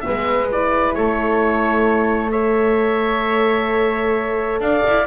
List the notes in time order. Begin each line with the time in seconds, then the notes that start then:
0.00 B3 B4 E5
0.08 G#3
0.51 E4 D5
0.94 A3 A4 C#5
2.31 A4 C#5 E5
4.59 D4 D5 F5
4.87 E4